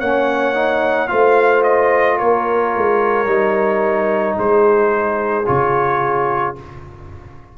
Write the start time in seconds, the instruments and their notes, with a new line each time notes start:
0.00 tuba A#3, trombone C#4, horn C#5, trumpet F#5
0.54 trombone D#4
1.08 tuba A3, trombone F4, horn C5, trumpet F5
1.63 trumpet D#5
2.18 tuba A#3, horn A#4, trumpet C#5
2.77 tuba G#3
3.26 tuba G3, trombone D#4
4.37 tuba G#3, horn G#4, trumpet C5
5.46 tuba C#3, trombone F4, trumpet C#5